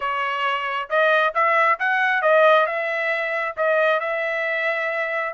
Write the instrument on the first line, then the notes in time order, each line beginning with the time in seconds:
trumpet
0.00 C#5
0.89 D#5
1.34 E5
1.79 F#5
2.21 D#5
2.66 E5
3.56 D#5
4.00 E5